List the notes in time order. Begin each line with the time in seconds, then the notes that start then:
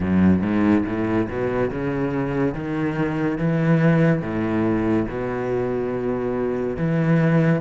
0.00 F#2
0.41 G#2
0.85 A2
1.28 B2
1.71 C#3
2.54 D#3
3.38 E3
4.21 A2
5.07 B2
6.76 E3